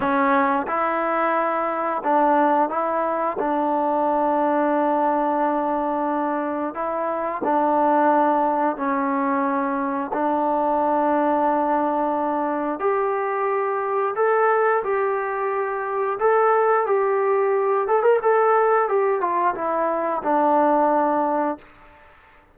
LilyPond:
\new Staff \with { instrumentName = "trombone" } { \time 4/4 \tempo 4 = 89 cis'4 e'2 d'4 | e'4 d'2.~ | d'2 e'4 d'4~ | d'4 cis'2 d'4~ |
d'2. g'4~ | g'4 a'4 g'2 | a'4 g'4. a'16 ais'16 a'4 | g'8 f'8 e'4 d'2 | }